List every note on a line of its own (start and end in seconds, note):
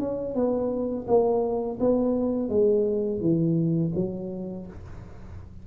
0.00 0.35 C#4
0.35 1.06 B3
1.08 1.79 A#3
1.80 2.50 B3
2.50 3.21 G#3
3.21 3.93 E3
3.95 4.67 F#3